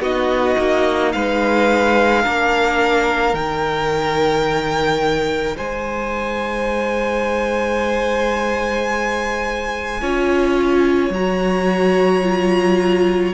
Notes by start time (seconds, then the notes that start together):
0.00 B3 D#4 F#4 D#5
0.58 A#3
1.12 G#3 B4 F5
2.23 A#3 D4 A#4
3.33 D#3 D#4 G5
5.56 G#3 C5 G#5
10.01 C#4 F4 C#5
11.10 F#3 F#4 A#5
12.22 F4